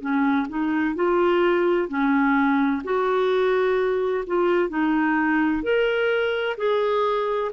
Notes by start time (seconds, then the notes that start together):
0.00 C#4
0.49 D#4
0.95 F4
1.88 C#4
2.83 F#4
4.26 F4
4.69 D#4
5.62 A#4
6.57 G#4